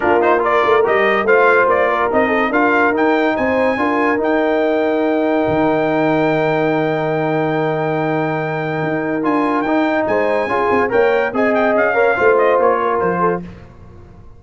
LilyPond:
<<
  \new Staff \with { instrumentName = "trumpet" } { \time 4/4 \tempo 4 = 143 ais'8 c''8 d''4 dis''4 f''4 | d''4 dis''4 f''4 g''4 | gis''2 g''2~ | g''1~ |
g''1~ | g''2 gis''4 g''4 | gis''2 g''4 gis''8 g''8 | f''4. dis''8 cis''4 c''4 | }
  \new Staff \with { instrumentName = "horn" } { \time 4/4 f'4 ais'2 c''4~ | c''8 ais'4 a'8 ais'2 | c''4 ais'2.~ | ais'1~ |
ais'1~ | ais'1 | c''4 gis'4 cis''4 dis''4~ | dis''8 cis''8 c''4. ais'4 a'8 | }
  \new Staff \with { instrumentName = "trombone" } { \time 4/4 d'8 dis'8 f'4 g'4 f'4~ | f'4 dis'4 f'4 dis'4~ | dis'4 f'4 dis'2~ | dis'1~ |
dis'1~ | dis'2 f'4 dis'4~ | dis'4 f'4 ais'4 gis'4~ | gis'8 ais'8 f'2. | }
  \new Staff \with { instrumentName = "tuba" } { \time 4/4 ais4. a8 g4 a4 | ais4 c'4 d'4 dis'4 | c'4 d'4 dis'2~ | dis'4 dis2.~ |
dis1~ | dis4 dis'4 d'4 dis'4 | gis4 cis'8 c'8 ais4 c'4 | cis'4 a4 ais4 f4 | }
>>